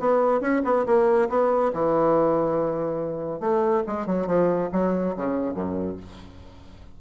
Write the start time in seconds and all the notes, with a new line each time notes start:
0.00 B3
0.41 C#4
0.64 B3
0.86 A#3
1.30 B3
1.74 E3
3.40 A3
3.87 G#3
4.07 F#3
4.27 F3
4.73 F#3
5.17 C#3
5.54 F#2